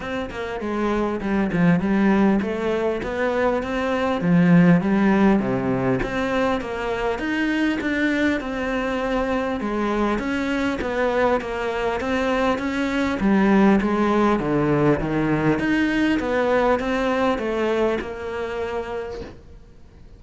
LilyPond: \new Staff \with { instrumentName = "cello" } { \time 4/4 \tempo 4 = 100 c'8 ais8 gis4 g8 f8 g4 | a4 b4 c'4 f4 | g4 c4 c'4 ais4 | dis'4 d'4 c'2 |
gis4 cis'4 b4 ais4 | c'4 cis'4 g4 gis4 | d4 dis4 dis'4 b4 | c'4 a4 ais2 | }